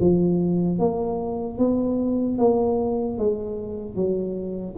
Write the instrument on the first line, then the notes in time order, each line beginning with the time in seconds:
tuba
0.00 F3
0.79 A#3
1.58 B3
2.38 A#3
3.18 G#3
3.95 F#3